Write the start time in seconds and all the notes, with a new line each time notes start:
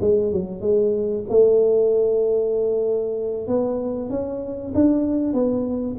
0.00 G#3
0.32 F#3
0.61 G#3
1.29 A3
3.47 B3
4.09 C#4
4.74 D4
5.33 B3